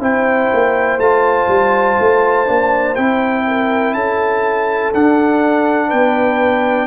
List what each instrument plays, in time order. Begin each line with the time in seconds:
0.00 tuba C4, trombone E4, horn C5, trumpet G5
0.52 tuba A#3
0.98 tuba A3, trombone F4, trumpet A5
1.48 tuba G3
1.99 tuba A3
2.46 tuba A#3, trombone D4
2.95 tuba C4, trombone E4, trumpet G5
3.48 horn A#4
3.94 tuba C#4, horn A4, trumpet A5
4.94 tuba D4, trombone D4, trumpet F#5
5.88 tuba B3, horn B4, trumpet G5